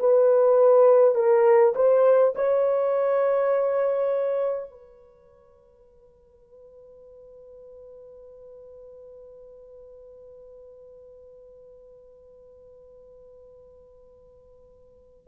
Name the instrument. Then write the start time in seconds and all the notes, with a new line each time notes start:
horn
0.00 B4
1.16 A#4
1.75 C5
2.36 C#5
4.71 B4